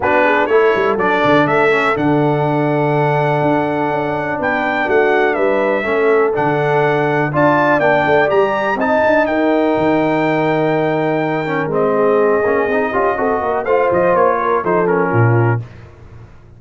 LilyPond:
<<
  \new Staff \with { instrumentName = "trumpet" } { \time 4/4 \tempo 4 = 123 b'4 cis''4 d''4 e''4 | fis''1~ | fis''4 g''4 fis''4 e''4~ | e''4 fis''2 a''4 |
g''4 ais''4 a''4 g''4~ | g''1 | dis''1 | f''8 dis''8 cis''4 c''8 ais'4. | }
  \new Staff \with { instrumentName = "horn" } { \time 4/4 fis'8 gis'8 a'2.~ | a'1~ | a'4 b'4 fis'4 b'4 | a'2. d''4~ |
d''2 dis''4 ais'4~ | ais'1~ | ais'8 gis'2 g'8 a'8 ais'8 | c''4. ais'8 a'4 f'4 | }
  \new Staff \with { instrumentName = "trombone" } { \time 4/4 d'4 e'4 d'4. cis'8 | d'1~ | d'1 | cis'4 d'2 f'4 |
d'4 g'4 dis'2~ | dis'2.~ dis'8 cis'8 | c'4. cis'8 dis'8 f'8 fis'4 | f'2 dis'8 cis'4. | }
  \new Staff \with { instrumentName = "tuba" } { \time 4/4 b4 a8 g8 fis8 d8 a4 | d2. d'4 | cis'4 b4 a4 g4 | a4 d2 d'4 |
ais8 a8 g4 c'8 d'8 dis'4 | dis1 | gis4. ais8 c'8 cis'8 c'8 ais8 | a8 f8 ais4 f4 ais,4 | }
>>